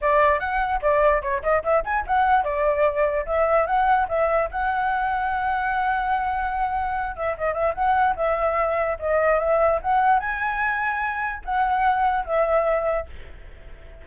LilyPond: \new Staff \with { instrumentName = "flute" } { \time 4/4 \tempo 4 = 147 d''4 fis''4 d''4 cis''8 dis''8 | e''8 gis''8 fis''4 d''2 | e''4 fis''4 e''4 fis''4~ | fis''1~ |
fis''4. e''8 dis''8 e''8 fis''4 | e''2 dis''4 e''4 | fis''4 gis''2. | fis''2 e''2 | }